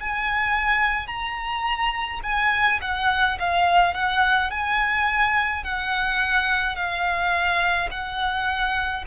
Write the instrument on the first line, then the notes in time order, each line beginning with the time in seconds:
violin
0.00 G#5
1.07 A#5
2.23 G#5
2.81 F#5
3.39 F5
3.94 F#5
4.51 G#5
5.64 F#5
6.76 F5
7.91 F#5